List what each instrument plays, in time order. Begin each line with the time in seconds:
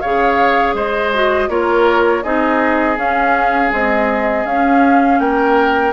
0.00 bassoon C#3, clarinet G#4, oboe C#5, flute F5
0.74 bassoon G#3, oboe C5, flute D#5
1.13 clarinet F#4
1.49 bassoon A#3, clarinet F4, oboe A#4, flute C#5
2.23 bassoon C4, clarinet D#4, oboe G#4, flute D#5
2.96 clarinet C#4, bassoon C#4, flute F5
3.69 clarinet G#3, bassoon C4, flute D#5
4.45 bassoon C#4, clarinet C#4, flute F5
5.19 bassoon A#3, oboe A#4, flute G5